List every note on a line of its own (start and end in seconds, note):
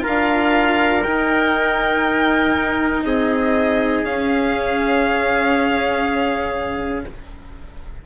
0.00 1.00 F4
0.00 3.03 A#4
0.07 1.06 D4
0.07 1.03 F5
1.03 4.05 D#4
1.03 3.04 D#4
1.03 3.03 G5
3.04 4.04 C4
3.04 7.06 G#4
3.04 4.05 D#5
4.04 7.04 C#4
4.04 7.05 C#4
4.04 7.05 F5